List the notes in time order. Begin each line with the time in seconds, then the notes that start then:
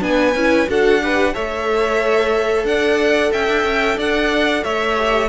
0.00 B3 D4 G#5
0.06 B4
0.34 C#4 E4
0.68 D4 F#4 A4 F#5
1.01 G4 B4
1.33 A3 A4 C#5 E5
2.64 D4 D5 F#5
3.32 C#4 E5 G5
3.48 D4
3.63 C#4
3.97 D4 D5 F#5
4.63 A3 C#5 E5
4.96 G4